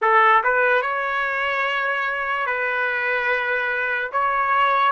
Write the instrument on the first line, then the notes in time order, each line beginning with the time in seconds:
trumpet
0.01 A4
0.43 B4
0.81 C#5
2.46 B4
4.12 C#5